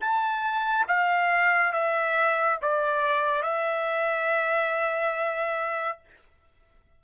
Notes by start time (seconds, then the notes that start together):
0.00 A5
0.88 F5
1.73 E5
2.61 D5
3.42 E5